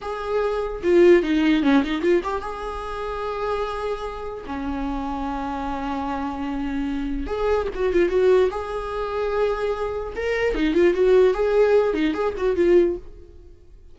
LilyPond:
\new Staff \with { instrumentName = "viola" } { \time 4/4 \tempo 4 = 148 gis'2 f'4 dis'4 | cis'8 dis'8 f'8 g'8 gis'2~ | gis'2. cis'4~ | cis'1~ |
cis'2 gis'4 fis'8 f'8 | fis'4 gis'2.~ | gis'4 ais'4 dis'8 f'8 fis'4 | gis'4. dis'8 gis'8 fis'8 f'4 | }